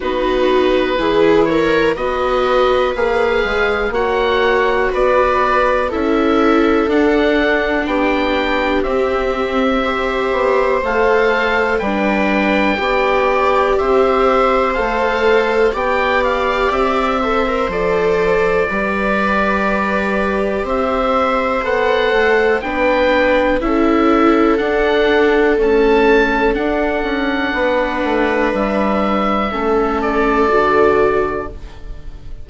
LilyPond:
<<
  \new Staff \with { instrumentName = "oboe" } { \time 4/4 \tempo 4 = 61 b'4. cis''8 dis''4 f''4 | fis''4 d''4 e''4 fis''4 | g''4 e''2 f''4 | g''2 e''4 f''4 |
g''8 f''8 e''4 d''2~ | d''4 e''4 fis''4 g''4 | e''4 fis''4 a''4 fis''4~ | fis''4 e''4. d''4. | }
  \new Staff \with { instrumentName = "viola" } { \time 4/4 fis'4 gis'8 ais'8 b'2 | cis''4 b'4 a'2 | g'2 c''2 | b'4 d''4 c''2 |
d''4. c''4. b'4~ | b'4 c''2 b'4 | a'1 | b'2 a'2 | }
  \new Staff \with { instrumentName = "viola" } { \time 4/4 dis'4 e'4 fis'4 gis'4 | fis'2 e'4 d'4~ | d'4 c'4 g'4 a'4 | d'4 g'2 a'4 |
g'4. a'16 ais'16 a'4 g'4~ | g'2 a'4 d'4 | e'4 d'4 a4 d'4~ | d'2 cis'4 fis'4 | }
  \new Staff \with { instrumentName = "bassoon" } { \time 4/4 b4 e4 b4 ais8 gis8 | ais4 b4 cis'4 d'4 | b4 c'4. b8 a4 | g4 b4 c'4 a4 |
b4 c'4 f4 g4~ | g4 c'4 b8 a8 b4 | cis'4 d'4 cis'4 d'8 cis'8 | b8 a8 g4 a4 d4 | }
>>